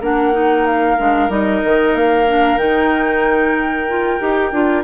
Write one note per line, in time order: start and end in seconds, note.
0.00 0.97 A#3
0.00 0.32 D4
0.00 4.84 A#4
0.00 0.66 F#5
0.32 0.97 D#4
0.66 1.31 F5
0.98 1.29 G#3
0.98 1.29 D4
1.29 1.61 G3
1.29 2.25 D#4
1.29 1.95 D#5
1.64 1.94 D#3
1.94 2.57 A#3
1.94 2.58 F5
2.27 2.57 D4
2.57 4.18 D#3
2.57 3.86 D#4
2.57 4.83 G5
3.88 4.19 F4
4.19 4.51 D#4
4.19 4.52 G4
4.51 4.84 D4
4.51 4.84 F4